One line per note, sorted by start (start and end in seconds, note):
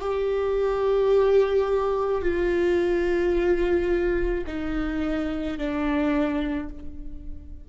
0.00 2.22 G4
2.22 4.44 F4
4.46 5.58 D#4
5.58 6.69 D4